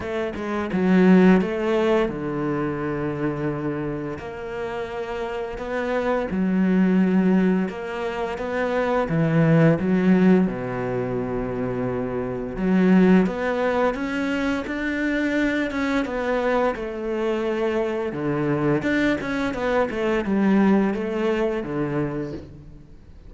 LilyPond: \new Staff \with { instrumentName = "cello" } { \time 4/4 \tempo 4 = 86 a8 gis8 fis4 a4 d4~ | d2 ais2 | b4 fis2 ais4 | b4 e4 fis4 b,4~ |
b,2 fis4 b4 | cis'4 d'4. cis'8 b4 | a2 d4 d'8 cis'8 | b8 a8 g4 a4 d4 | }